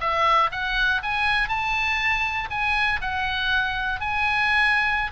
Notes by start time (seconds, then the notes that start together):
0.00 E5
0.52 F#5
1.02 G#5
1.48 A5
2.50 G#5
3.01 F#5
4.00 G#5